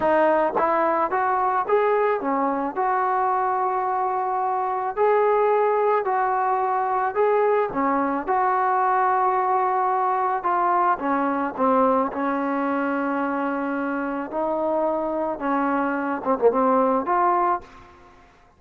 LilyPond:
\new Staff \with { instrumentName = "trombone" } { \time 4/4 \tempo 4 = 109 dis'4 e'4 fis'4 gis'4 | cis'4 fis'2.~ | fis'4 gis'2 fis'4~ | fis'4 gis'4 cis'4 fis'4~ |
fis'2. f'4 | cis'4 c'4 cis'2~ | cis'2 dis'2 | cis'4. c'16 ais16 c'4 f'4 | }